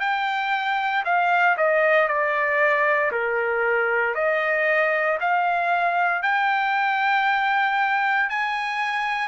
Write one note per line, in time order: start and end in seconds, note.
0.00 1.03 G5
1.05 1.57 F5
1.57 2.08 D#5
2.08 3.11 D5
3.12 4.15 A#4
4.15 5.18 D#5
5.21 6.23 F5
6.23 8.29 G5
8.29 9.28 G#5